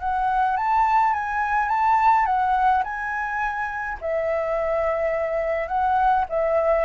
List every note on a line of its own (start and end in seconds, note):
0.00 0.57 F#5
0.57 1.13 A5
1.13 1.69 G#5
1.69 2.26 A5
2.26 2.83 F#5
2.84 3.98 G#5
4.01 5.68 E5
5.68 6.25 F#5
6.29 6.85 E5